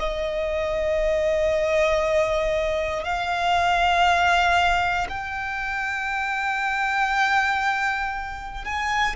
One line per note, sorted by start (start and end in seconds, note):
0.00 3.04 D#5
3.04 5.08 F5
5.09 8.65 G5
8.65 9.16 G#5